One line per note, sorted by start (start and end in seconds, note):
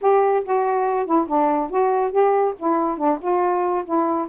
0.01 0.44 G4
0.44 1.06 F#4
1.06 1.27 E4
1.27 1.70 D4
1.70 2.11 F#4
2.11 2.54 G4
2.58 2.97 E4
2.97 3.18 D4
3.21 3.85 F4
3.85 4.27 E4